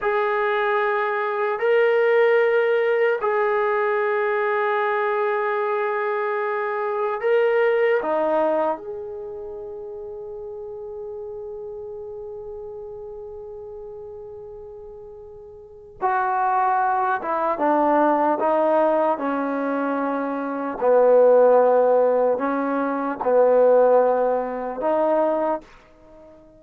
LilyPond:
\new Staff \with { instrumentName = "trombone" } { \time 4/4 \tempo 4 = 75 gis'2 ais'2 | gis'1~ | gis'4 ais'4 dis'4 gis'4~ | gis'1~ |
gis'1 | fis'4. e'8 d'4 dis'4 | cis'2 b2 | cis'4 b2 dis'4 | }